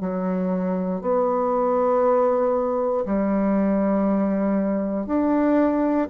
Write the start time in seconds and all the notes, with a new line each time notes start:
0.00 F#3
1.01 B3
3.05 G3
5.06 D4